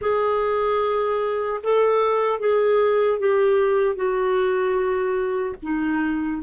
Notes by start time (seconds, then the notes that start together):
0.01 G#4
1.63 A4
2.39 G#4
3.19 G4
3.95 F#4
5.62 D#4